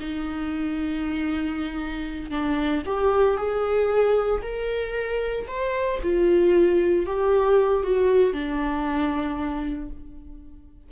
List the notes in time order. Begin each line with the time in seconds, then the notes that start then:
0.00 D#4
2.31 D4
2.86 G4
3.37 G#4
4.42 A#4
5.47 C5
6.03 F4
7.06 G4
7.83 F#4
8.33 D4